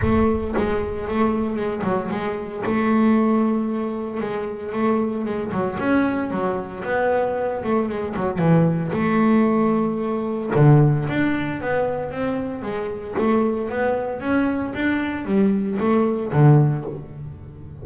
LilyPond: \new Staff \with { instrumentName = "double bass" } { \time 4/4 \tempo 4 = 114 a4 gis4 a4 gis8 fis8 | gis4 a2. | gis4 a4 gis8 fis8 cis'4 | fis4 b4. a8 gis8 fis8 |
e4 a2. | d4 d'4 b4 c'4 | gis4 a4 b4 cis'4 | d'4 g4 a4 d4 | }